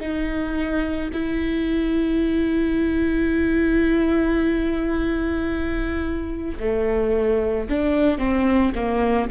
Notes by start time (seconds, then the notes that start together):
0.00 D#4
1.13 E4
6.59 A3
7.69 D4
8.18 C4
8.75 A#3